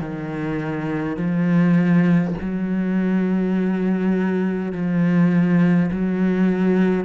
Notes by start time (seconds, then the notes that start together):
0.00 D#3
1.17 F3
2.40 F#3
4.72 F3
5.91 F#3